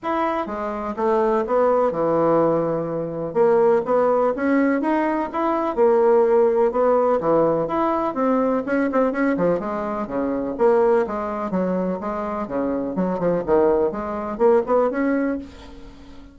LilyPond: \new Staff \with { instrumentName = "bassoon" } { \time 4/4 \tempo 4 = 125 e'4 gis4 a4 b4 | e2. ais4 | b4 cis'4 dis'4 e'4 | ais2 b4 e4 |
e'4 c'4 cis'8 c'8 cis'8 f8 | gis4 cis4 ais4 gis4 | fis4 gis4 cis4 fis8 f8 | dis4 gis4 ais8 b8 cis'4 | }